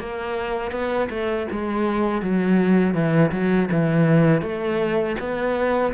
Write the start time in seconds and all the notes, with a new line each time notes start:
0.00 A#3
0.71 B3
1.10 A3
1.52 G#3
2.22 F#3
2.94 E3
3.32 F#3
3.72 E3
4.42 A3
5.19 B3